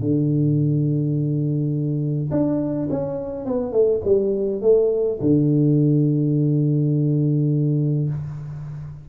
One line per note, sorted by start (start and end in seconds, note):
0.00 2.31 D3
2.31 2.89 D4
2.91 3.46 C#4
3.46 3.72 B3
3.72 4.01 A3
4.05 4.62 G3
4.62 5.19 A3
5.21 8.09 D3